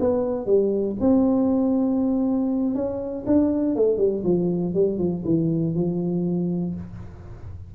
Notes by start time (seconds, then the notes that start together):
0.00 B3
0.46 G3
1.00 C4
2.75 C#4
3.27 D4
3.76 A3
3.98 G3
4.24 F3
4.74 G3
4.99 F3
5.25 E3
5.75 F3